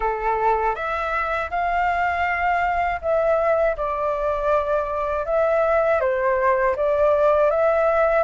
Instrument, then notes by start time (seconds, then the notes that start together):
flute
0.00 A4
0.75 E5
1.50 F5
3.01 E5
3.76 D5
5.25 E5
6.00 C5
6.75 D5
7.50 E5